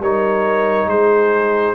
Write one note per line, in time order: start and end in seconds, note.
0.00 0.87 G3
0.00 1.76 D#4
0.00 0.89 A#4
0.00 0.89 C#5
0.87 1.74 G#3
0.87 1.76 G#4
0.87 1.76 C5